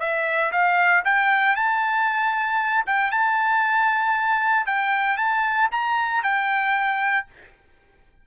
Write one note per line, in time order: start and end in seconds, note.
0.00 0.52 E5
0.52 1.04 F5
1.05 1.56 G5
1.56 2.85 A5
2.87 3.11 G5
3.11 4.66 A5
4.67 5.17 G5
5.17 5.69 A5
5.72 6.23 A#5
6.23 7.27 G5